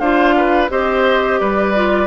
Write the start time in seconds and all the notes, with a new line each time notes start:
0.00 D4 F4 C5 F5
0.37 B4
0.69 C4 G4 C5 D#5
1.40 G3 B4 D5
1.75 F4